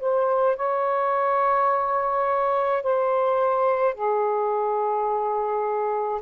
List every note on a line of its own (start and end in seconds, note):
0.00 0.57 C5
0.57 2.83 C#5
2.83 3.95 C5
3.95 6.21 G#4